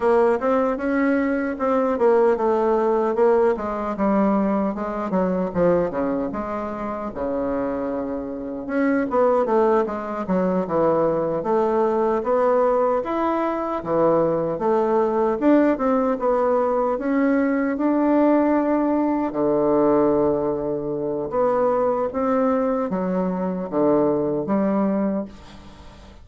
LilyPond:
\new Staff \with { instrumentName = "bassoon" } { \time 4/4 \tempo 4 = 76 ais8 c'8 cis'4 c'8 ais8 a4 | ais8 gis8 g4 gis8 fis8 f8 cis8 | gis4 cis2 cis'8 b8 | a8 gis8 fis8 e4 a4 b8~ |
b8 e'4 e4 a4 d'8 | c'8 b4 cis'4 d'4.~ | d'8 d2~ d8 b4 | c'4 fis4 d4 g4 | }